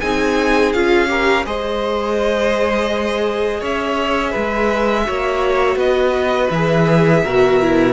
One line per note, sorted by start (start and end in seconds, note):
0.00 0.74 C4
0.00 0.75 D#4
0.00 1.09 G#4
0.00 0.72 G#5
0.73 1.46 C#4
0.73 1.08 F4
0.73 1.45 F5
1.08 1.44 G4
1.08 1.46 A#4
1.45 3.62 G#3
1.45 5.05 G#4
1.45 3.60 C5
1.45 3.64 D#5
3.60 4.34 C#4
3.60 4.31 C#5
3.60 5.79 E5
4.31 5.08 G#3
4.31 5.03 B4
5.05 5.76 A#3
5.05 6.50 F#4
5.05 5.78 C#5
5.76 6.48 B3
5.76 7.22 B4
5.76 6.50 D#5
6.50 7.23 E3
6.50 7.26 G#4
6.50 7.93 E5
7.24 7.93 B2
7.24 7.62 F#4
7.24 7.93 A#4
7.62 7.93 E4